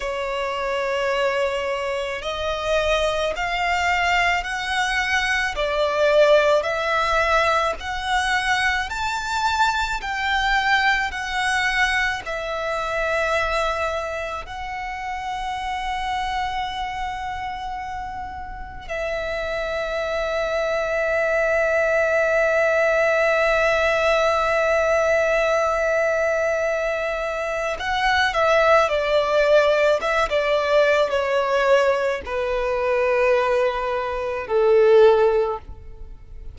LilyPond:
\new Staff \with { instrumentName = "violin" } { \time 4/4 \tempo 4 = 54 cis''2 dis''4 f''4 | fis''4 d''4 e''4 fis''4 | a''4 g''4 fis''4 e''4~ | e''4 fis''2.~ |
fis''4 e''2.~ | e''1~ | e''4 fis''8 e''8 d''4 e''16 d''8. | cis''4 b'2 a'4 | }